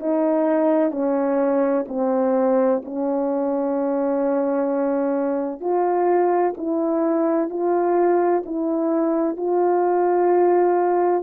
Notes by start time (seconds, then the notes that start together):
0.00 D#4
0.92 C#4
1.88 C4
2.86 C#4
5.61 F4
6.58 E4
7.50 F4
8.46 E4
9.37 F4